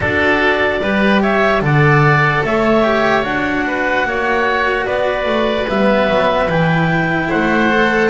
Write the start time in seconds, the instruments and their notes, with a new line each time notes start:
0.00 double bass D4, cello F#4, oboe A4, clarinet D5
0.81 double bass G3, cello G4, oboe B4
1.21 oboe C#5, clarinet E5
1.61 double bass D3, cello A4, oboe D5, clarinet F#5
2.43 double bass A3, oboe C#5, clarinet E5
2.83 cello G4
3.22 double bass D4, cello F#4, clarinet F#5
3.66 oboe B4
4.04 double bass A#3, oboe C#5
4.85 double bass B3, oboe B4, clarinet D5
5.25 double bass A3
5.67 double bass G3, cello B3, clarinet E5
6.09 double bass F#3
6.48 double bass E3, cello E4, clarinet G5
7.29 double bass A3, oboe C5, clarinet F#5
7.69 cello A4